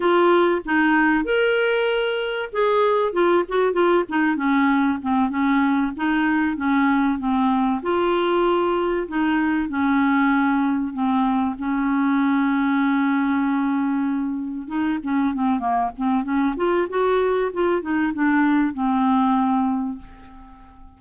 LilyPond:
\new Staff \with { instrumentName = "clarinet" } { \time 4/4 \tempo 4 = 96 f'4 dis'4 ais'2 | gis'4 f'8 fis'8 f'8 dis'8 cis'4 | c'8 cis'4 dis'4 cis'4 c'8~ | c'8 f'2 dis'4 cis'8~ |
cis'4. c'4 cis'4.~ | cis'2.~ cis'8 dis'8 | cis'8 c'8 ais8 c'8 cis'8 f'8 fis'4 | f'8 dis'8 d'4 c'2 | }